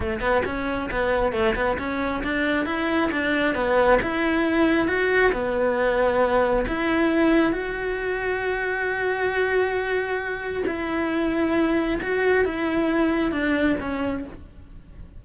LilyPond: \new Staff \with { instrumentName = "cello" } { \time 4/4 \tempo 4 = 135 a8 b8 cis'4 b4 a8 b8 | cis'4 d'4 e'4 d'4 | b4 e'2 fis'4 | b2. e'4~ |
e'4 fis'2.~ | fis'1 | e'2. fis'4 | e'2 d'4 cis'4 | }